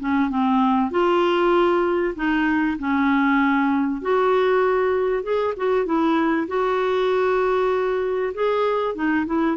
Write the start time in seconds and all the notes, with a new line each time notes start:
0.00 C#4
0.31 C4
0.91 F4
2.16 D#4
2.79 C#4
4.02 F#4
5.24 G#4
5.57 F#4
5.86 E4
6.48 F#4
8.34 G#4
8.95 D#4
9.26 E4